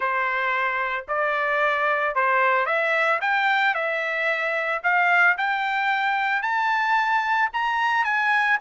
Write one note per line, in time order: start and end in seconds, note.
0.00 1.05 C5
1.07 2.15 D5
2.15 2.66 C5
2.66 3.19 E5
3.21 3.74 G5
3.74 4.81 E5
4.83 5.36 F5
5.37 6.42 G5
6.42 7.49 A5
7.53 8.04 A#5
8.04 8.58 G#5